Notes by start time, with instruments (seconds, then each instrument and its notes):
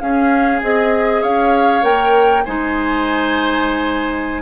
0.00 bassoon C#4, clarinet C#4, oboe G#4, flute F5
0.61 bassoon C4, clarinet G#4, flute D#5
1.22 bassoon C#4, oboe C#5, flute F5
1.82 bassoon A#3, clarinet A#4, flute G5
2.44 bassoon G#3, clarinet D#4, oboe C5, flute G#5